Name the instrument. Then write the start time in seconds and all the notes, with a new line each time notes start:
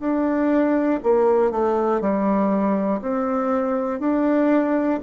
bassoon
0.00 D4
1.04 A#3
1.51 A3
2.01 G3
3.01 C4
4.00 D4